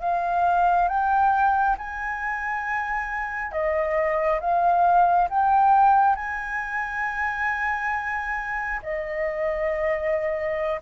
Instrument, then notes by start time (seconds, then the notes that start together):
flute
0.00 F5
0.88 G5
1.78 G#5
3.52 D#5
4.40 F5
5.29 G5
6.16 G#5
8.82 D#5